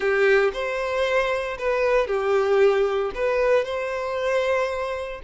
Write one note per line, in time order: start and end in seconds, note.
0.00 0.51 G4
0.53 1.57 C5
1.58 2.07 B4
2.07 3.11 G4
3.14 3.64 B4
3.64 5.21 C5